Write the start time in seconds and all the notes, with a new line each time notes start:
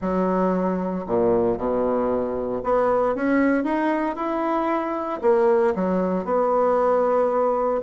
0.01 F#3
1.06 A#2
1.57 B2
2.63 B3
3.15 C#4
3.64 D#4
4.16 E4
5.21 A#3
5.75 F#3
6.24 B3